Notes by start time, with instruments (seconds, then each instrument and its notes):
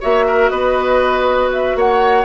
0.00 bassoon A#3, clarinet F#4, oboe C#5, flute E5
0.27 oboe A#4
0.49 bassoon B3, oboe B4, flute D#5
1.53 flute E5
1.75 bassoon A#3, oboe C#5, flute F#5